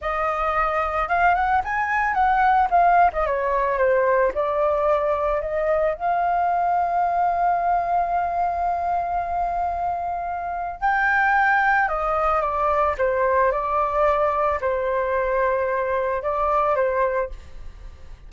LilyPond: \new Staff \with { instrumentName = "flute" } { \time 4/4 \tempo 4 = 111 dis''2 f''8 fis''8 gis''4 | fis''4 f''8. dis''16 cis''4 c''4 | d''2 dis''4 f''4~ | f''1~ |
f''1 | g''2 dis''4 d''4 | c''4 d''2 c''4~ | c''2 d''4 c''4 | }